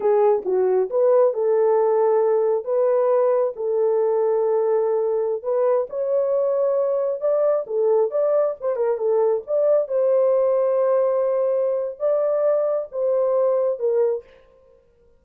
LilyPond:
\new Staff \with { instrumentName = "horn" } { \time 4/4 \tempo 4 = 135 gis'4 fis'4 b'4 a'4~ | a'2 b'2 | a'1~ | a'16 b'4 cis''2~ cis''8.~ |
cis''16 d''4 a'4 d''4 c''8 ais'16~ | ais'16 a'4 d''4 c''4.~ c''16~ | c''2. d''4~ | d''4 c''2 ais'4 | }